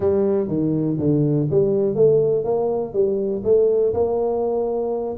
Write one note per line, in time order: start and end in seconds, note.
0.00 0.47 G3
0.47 0.96 D#3
0.98 1.48 D3
1.50 1.95 G3
1.95 2.44 A3
2.44 2.93 A#3
2.93 3.42 G3
3.44 3.93 A3
3.93 5.16 A#3